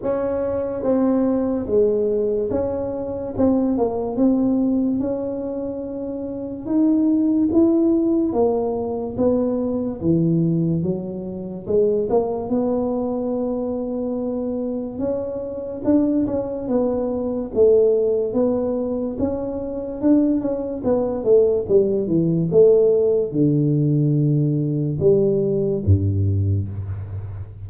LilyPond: \new Staff \with { instrumentName = "tuba" } { \time 4/4 \tempo 4 = 72 cis'4 c'4 gis4 cis'4 | c'8 ais8 c'4 cis'2 | dis'4 e'4 ais4 b4 | e4 fis4 gis8 ais8 b4~ |
b2 cis'4 d'8 cis'8 | b4 a4 b4 cis'4 | d'8 cis'8 b8 a8 g8 e8 a4 | d2 g4 g,4 | }